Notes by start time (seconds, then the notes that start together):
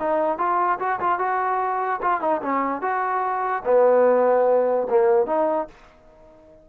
0.00 D#4
0.38 F4
0.79 F#4
1.00 F4
1.19 F#4
2.02 F4
2.21 D#4
2.42 C#4
2.82 F#4
3.65 B3
4.90 A#3
5.27 D#4